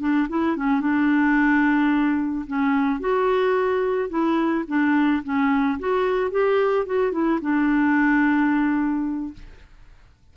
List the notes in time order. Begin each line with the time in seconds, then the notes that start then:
0.00 D4
0.29 E4
0.56 C#4
0.81 D4
2.47 C#4
3.00 F#4
4.10 E4
4.68 D4
5.24 C#4
5.79 F#4
6.31 G4
6.86 F#4
7.12 E4
7.41 D4